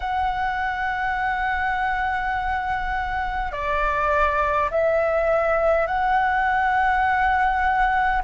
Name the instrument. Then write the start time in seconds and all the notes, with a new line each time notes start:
flute
0.00 F#5
3.51 D5
4.71 E5
5.86 F#5